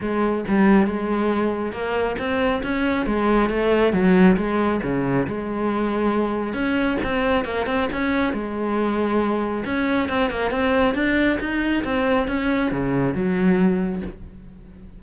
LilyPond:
\new Staff \with { instrumentName = "cello" } { \time 4/4 \tempo 4 = 137 gis4 g4 gis2 | ais4 c'4 cis'4 gis4 | a4 fis4 gis4 cis4 | gis2. cis'4 |
c'4 ais8 c'8 cis'4 gis4~ | gis2 cis'4 c'8 ais8 | c'4 d'4 dis'4 c'4 | cis'4 cis4 fis2 | }